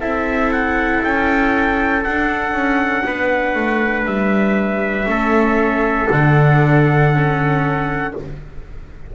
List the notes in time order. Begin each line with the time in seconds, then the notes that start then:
0.00 C4 E4 A4 E5
0.51 F#5
1.03 C#4 G5
2.03 D4 F#5
2.52 C#4
3.05 B3 B4
3.55 A3
4.05 G3 E5
5.04 A3 C#4 A4
6.10 D3 D4 F#5
7.13 C#4